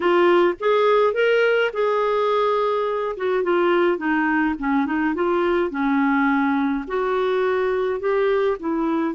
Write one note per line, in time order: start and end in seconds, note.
0.00 0.54 F4
0.60 1.13 G#4
1.13 1.70 A#4
1.73 3.16 G#4
3.16 3.43 F#4
3.43 3.97 F4
3.97 4.55 D#4
4.58 4.86 C#4
4.86 5.14 D#4
5.14 5.70 F4
5.70 6.84 C#4
6.87 7.99 F#4
7.99 8.57 G4
8.59 9.14 E4